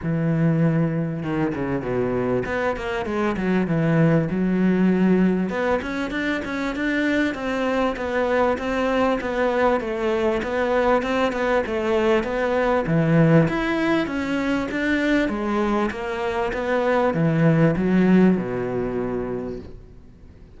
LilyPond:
\new Staff \with { instrumentName = "cello" } { \time 4/4 \tempo 4 = 98 e2 dis8 cis8 b,4 | b8 ais8 gis8 fis8 e4 fis4~ | fis4 b8 cis'8 d'8 cis'8 d'4 | c'4 b4 c'4 b4 |
a4 b4 c'8 b8 a4 | b4 e4 e'4 cis'4 | d'4 gis4 ais4 b4 | e4 fis4 b,2 | }